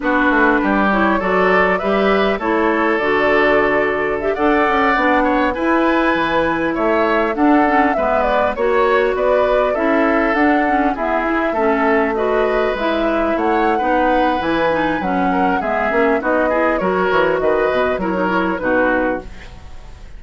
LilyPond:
<<
  \new Staff \with { instrumentName = "flute" } { \time 4/4 \tempo 4 = 100 b'4. cis''8 d''4 e''4 | cis''4 d''2 e''16 fis''8.~ | fis''4~ fis''16 gis''2 e''8.~ | e''16 fis''4 e''8 d''8 cis''4 d''8.~ |
d''16 e''4 fis''4 e''4.~ e''16~ | e''16 dis''4 e''4 fis''4.~ fis''16 | gis''4 fis''4 e''4 dis''4 | cis''4 dis''4 cis''4 b'4 | }
  \new Staff \with { instrumentName = "oboe" } { \time 4/4 fis'4 g'4 a'4 b'4 | a'2.~ a'16 d''8.~ | d''8. cis''8 b'2 cis''8.~ | cis''16 a'4 b'4 cis''4 b'8.~ |
b'16 a'2 gis'4 a'8.~ | a'16 b'2 cis''8. b'4~ | b'4. ais'8 gis'4 fis'8 gis'8 | ais'4 b'4 ais'4 fis'4 | }
  \new Staff \with { instrumentName = "clarinet" } { \time 4/4 d'4. e'8 fis'4 g'4 | e'4 fis'2 g'16 a'8.~ | a'16 d'4 e'2~ e'8.~ | e'16 d'8 cis'8 b4 fis'4.~ fis'16~ |
fis'16 e'4 d'8 cis'8 b8 e'8 cis'8.~ | cis'16 fis'4 e'4.~ e'16 dis'4 | e'8 dis'8 cis'4 b8 cis'8 dis'8 e'8 | fis'2 e'16 dis'16 e'8 dis'4 | }
  \new Staff \with { instrumentName = "bassoon" } { \time 4/4 b8 a8 g4 fis4 g4 | a4 d2~ d16 d'8 cis'16~ | cis'16 b4 e'4 e4 a8.~ | a16 d'4 gis4 ais4 b8.~ |
b16 cis'4 d'4 e'4 a8.~ | a4~ a16 gis4 a8. b4 | e4 fis4 gis8 ais8 b4 | fis8 e8 dis8 b,8 fis4 b,4 | }
>>